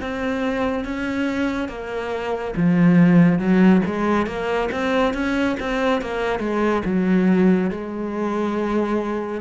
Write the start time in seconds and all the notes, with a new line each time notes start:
0.00 C4
0.84 C#4
1.68 A#3
2.56 F3
3.39 F#3
3.85 G#3
4.26 A#3
4.71 C4
5.14 C#4
5.59 C4
6.01 A#3
6.39 G#3
6.85 F#3
7.70 G#3